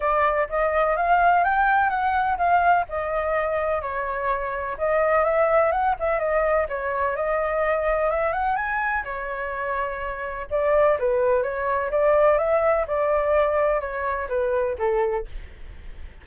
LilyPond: \new Staff \with { instrumentName = "flute" } { \time 4/4 \tempo 4 = 126 d''4 dis''4 f''4 g''4 | fis''4 f''4 dis''2 | cis''2 dis''4 e''4 | fis''8 e''8 dis''4 cis''4 dis''4~ |
dis''4 e''8 fis''8 gis''4 cis''4~ | cis''2 d''4 b'4 | cis''4 d''4 e''4 d''4~ | d''4 cis''4 b'4 a'4 | }